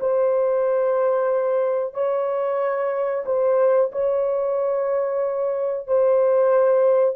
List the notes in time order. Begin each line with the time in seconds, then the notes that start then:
0.00 C5
1.94 C#5
3.25 C5
3.92 C#5
5.87 C5